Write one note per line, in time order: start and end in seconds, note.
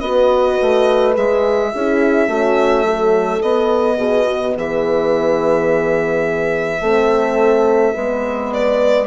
0.00 0.57 B3
0.00 1.14 F#4
0.00 1.71 B4
0.00 1.13 D#5
0.62 1.16 A3
1.14 1.73 G#3
1.14 1.71 G#4
1.14 3.42 E5
1.72 2.27 C#4
1.72 2.29 E4
1.72 2.29 G#4
2.27 3.41 A3
2.27 2.85 C#4
2.27 2.85 F#4
2.85 3.42 F#3
2.85 3.97 A4
3.42 3.97 B3
3.42 6.82 B3
3.42 4.55 D#5
3.97 4.54 B2
3.97 4.25 G#4
4.26 4.54 F#4
4.57 6.80 E3
4.57 6.81 G#4
4.57 8.53 E5
6.80 7.93 A3
6.80 7.95 C4
6.80 7.94 A4
7.94 9.06 G#3
7.94 9.06 B3
7.94 9.06 B4
8.53 9.06 D5